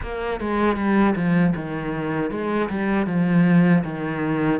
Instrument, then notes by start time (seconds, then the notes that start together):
cello
0.02 A#3
0.40 G#3
0.76 G3
1.15 F3
1.55 D#3
2.30 G#3
2.69 G3
3.06 F3
3.84 D#3